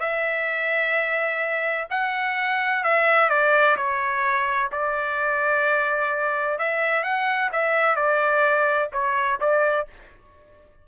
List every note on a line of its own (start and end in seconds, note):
0.00 1.87 E5
1.90 2.84 F#5
2.84 3.29 E5
3.29 3.76 D5
3.76 4.70 C#5
4.72 6.59 D5
6.59 7.04 E5
7.04 7.50 F#5
7.52 7.96 E5
7.96 8.89 D5
8.93 9.40 C#5
9.40 9.87 D5